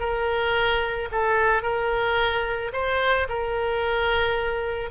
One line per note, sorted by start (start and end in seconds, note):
0.00 1.09 A#4
1.12 1.63 A4
1.63 2.72 A#4
2.73 3.28 C5
3.29 4.91 A#4